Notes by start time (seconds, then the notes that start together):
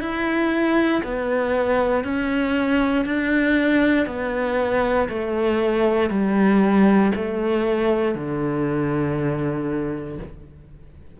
0.00 E4
1.03 B3
2.04 C#4
3.05 D4
4.06 B3
5.08 A3
6.10 G3
7.15 A3
8.14 D3